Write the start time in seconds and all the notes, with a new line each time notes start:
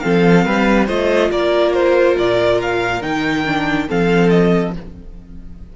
0.00 F3 C4 A4 F5
0.46 G3 B4
0.87 A3 F4 C5 D#5
1.31 A#3 A#4 D5
1.74 C5
2.18 A#2 D5
2.62 F5
3.02 D#3 D#4 G5
3.46 D4
3.87 F3 C4 A4 F5
4.30 D#5